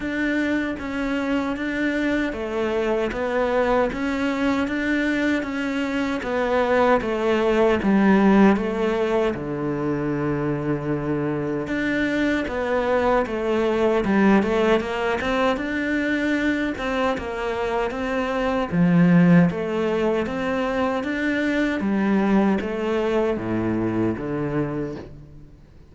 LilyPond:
\new Staff \with { instrumentName = "cello" } { \time 4/4 \tempo 4 = 77 d'4 cis'4 d'4 a4 | b4 cis'4 d'4 cis'4 | b4 a4 g4 a4 | d2. d'4 |
b4 a4 g8 a8 ais8 c'8 | d'4. c'8 ais4 c'4 | f4 a4 c'4 d'4 | g4 a4 a,4 d4 | }